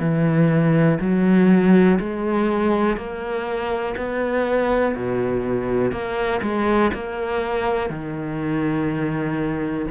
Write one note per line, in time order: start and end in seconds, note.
0.00 0.98 E3
1.00 1.99 F#3
1.99 2.97 G#3
2.97 3.95 A#3
3.97 4.95 B3
4.95 5.92 B2
5.92 6.41 A#3
6.42 6.91 G#3
6.93 7.90 A#3
7.90 9.86 D#3